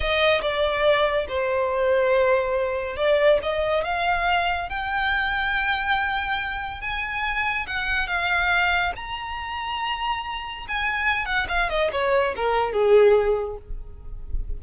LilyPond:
\new Staff \with { instrumentName = "violin" } { \time 4/4 \tempo 4 = 141 dis''4 d''2 c''4~ | c''2. d''4 | dis''4 f''2 g''4~ | g''1 |
gis''2 fis''4 f''4~ | f''4 ais''2.~ | ais''4 gis''4. fis''8 f''8 dis''8 | cis''4 ais'4 gis'2 | }